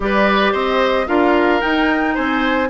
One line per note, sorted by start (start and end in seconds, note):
0.00 0.52 G3
0.00 1.07 G4
0.00 0.52 B4
0.00 0.53 D5
0.52 1.07 C4
0.52 1.06 C5
0.52 1.07 D#5
1.07 1.61 D4
1.07 1.60 F4
1.07 2.14 A#4
1.07 1.61 F5
1.60 2.68 D#4
1.60 2.17 D#4
1.60 2.15 G5
2.14 2.69 C4
2.14 2.68 C5
2.14 2.69 G#5